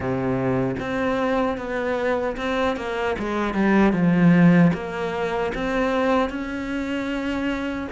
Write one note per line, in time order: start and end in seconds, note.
0.00 0.75 C3
0.79 1.57 C4
1.57 2.36 B3
2.36 2.76 C4
2.76 3.16 A#3
3.19 3.54 G#3
3.54 3.92 G3
3.92 4.71 F3
4.73 5.52 A#3
5.54 6.29 C4
6.29 7.87 C#4